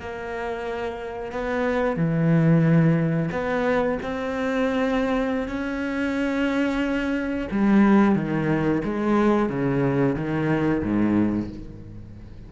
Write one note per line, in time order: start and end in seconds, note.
0.00 1.32 A#3
1.32 1.96 B3
1.96 3.30 E3
3.32 3.98 B3
4.02 5.48 C4
5.48 7.48 C#4
7.51 8.15 G3
8.15 8.82 D#3
8.85 9.49 G#3
9.49 10.15 C#3
10.15 10.82 D#3
10.83 11.49 G#2